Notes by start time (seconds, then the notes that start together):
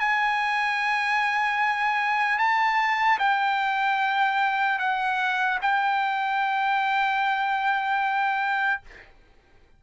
0.00 G#5
2.39 A5
3.19 G5
4.79 F#5
5.62 G5